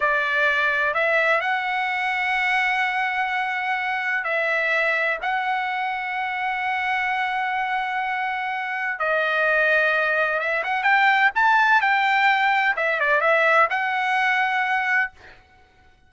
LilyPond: \new Staff \with { instrumentName = "trumpet" } { \time 4/4 \tempo 4 = 127 d''2 e''4 fis''4~ | fis''1~ | fis''4 e''2 fis''4~ | fis''1~ |
fis''2. dis''4~ | dis''2 e''8 fis''8 g''4 | a''4 g''2 e''8 d''8 | e''4 fis''2. | }